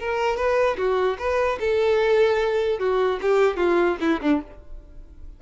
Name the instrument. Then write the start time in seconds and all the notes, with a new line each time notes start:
violin
0.00 A#4
0.37 B4
0.78 F#4
1.19 B4
1.61 A4
2.80 F#4
3.22 G4
3.57 F4
4.01 E4
4.22 D4